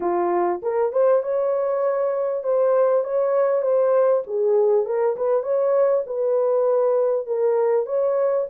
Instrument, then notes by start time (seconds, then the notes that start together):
horn
0.00 F4
0.62 A#4
0.92 C5
1.22 C#5
2.43 C5
3.04 C#5
3.61 C5
4.26 G#4
4.85 A#4
5.16 B4
5.42 C#5
6.06 B4
7.26 A#4
7.85 C#5